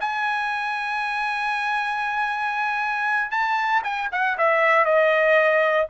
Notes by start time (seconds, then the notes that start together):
0.00 G#5
3.31 A5
3.83 G#5
4.12 F#5
4.38 E5
4.85 D#5